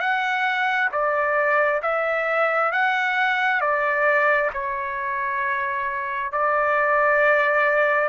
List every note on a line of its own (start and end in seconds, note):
0.00 0.90 F#5
0.92 1.82 D5
1.82 2.72 E5
2.72 3.61 F#5
3.61 4.51 D5
4.53 6.32 C#5
6.32 8.08 D5